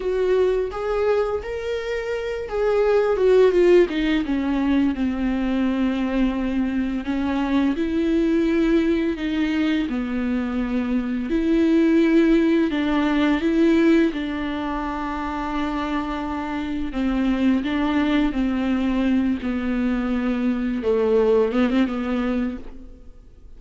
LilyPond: \new Staff \with { instrumentName = "viola" } { \time 4/4 \tempo 4 = 85 fis'4 gis'4 ais'4. gis'8~ | gis'8 fis'8 f'8 dis'8 cis'4 c'4~ | c'2 cis'4 e'4~ | e'4 dis'4 b2 |
e'2 d'4 e'4 | d'1 | c'4 d'4 c'4. b8~ | b4. a4 b16 c'16 b4 | }